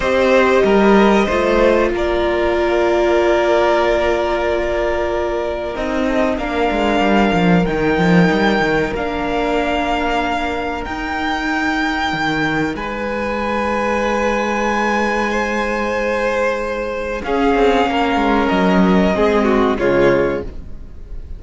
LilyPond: <<
  \new Staff \with { instrumentName = "violin" } { \time 4/4 \tempo 4 = 94 dis''2. d''4~ | d''1~ | d''4 dis''4 f''2 | g''2 f''2~ |
f''4 g''2. | gis''1~ | gis''2. f''4~ | f''4 dis''2 cis''4 | }
  \new Staff \with { instrumentName = "violin" } { \time 4/4 c''4 ais'4 c''4 ais'4~ | ais'1~ | ais'4. a'8 ais'2~ | ais'1~ |
ais'1 | b'1 | c''2. gis'4 | ais'2 gis'8 fis'8 f'4 | }
  \new Staff \with { instrumentName = "viola" } { \time 4/4 g'2 f'2~ | f'1~ | f'4 dis'4 d'2 | dis'2 d'2~ |
d'4 dis'2.~ | dis'1~ | dis'2. cis'4~ | cis'2 c'4 gis4 | }
  \new Staff \with { instrumentName = "cello" } { \time 4/4 c'4 g4 a4 ais4~ | ais1~ | ais4 c'4 ais8 gis8 g8 f8 | dis8 f8 g8 dis8 ais2~ |
ais4 dis'2 dis4 | gis1~ | gis2. cis'8 c'8 | ais8 gis8 fis4 gis4 cis4 | }
>>